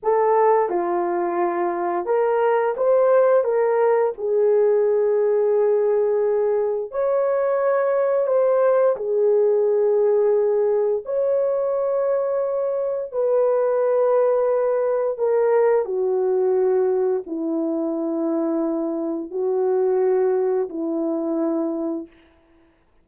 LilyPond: \new Staff \with { instrumentName = "horn" } { \time 4/4 \tempo 4 = 87 a'4 f'2 ais'4 | c''4 ais'4 gis'2~ | gis'2 cis''2 | c''4 gis'2. |
cis''2. b'4~ | b'2 ais'4 fis'4~ | fis'4 e'2. | fis'2 e'2 | }